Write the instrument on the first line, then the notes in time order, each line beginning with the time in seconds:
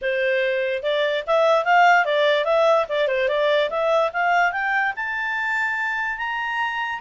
clarinet
0.01 C5
0.83 D5
1.26 E5
1.64 F5
2.05 D5
2.45 E5
2.88 D5
3.07 C5
3.28 D5
3.70 E5
4.12 F5
4.51 G5
4.96 A5
6.17 A#5